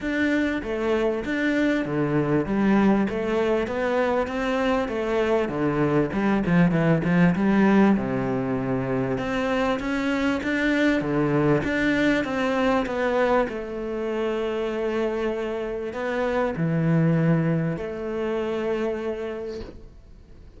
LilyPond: \new Staff \with { instrumentName = "cello" } { \time 4/4 \tempo 4 = 98 d'4 a4 d'4 d4 | g4 a4 b4 c'4 | a4 d4 g8 f8 e8 f8 | g4 c2 c'4 |
cis'4 d'4 d4 d'4 | c'4 b4 a2~ | a2 b4 e4~ | e4 a2. | }